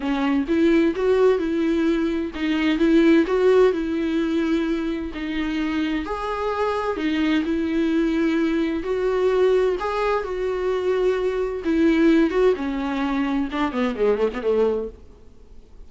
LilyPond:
\new Staff \with { instrumentName = "viola" } { \time 4/4 \tempo 4 = 129 cis'4 e'4 fis'4 e'4~ | e'4 dis'4 e'4 fis'4 | e'2. dis'4~ | dis'4 gis'2 dis'4 |
e'2. fis'4~ | fis'4 gis'4 fis'2~ | fis'4 e'4. fis'8 cis'4~ | cis'4 d'8 b8 gis8 a16 b16 a4 | }